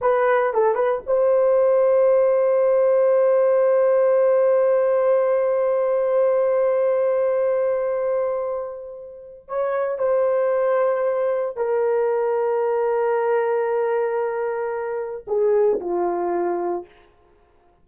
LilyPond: \new Staff \with { instrumentName = "horn" } { \time 4/4 \tempo 4 = 114 b'4 a'8 b'8 c''2~ | c''1~ | c''1~ | c''1~ |
c''2 cis''4 c''4~ | c''2 ais'2~ | ais'1~ | ais'4 gis'4 f'2 | }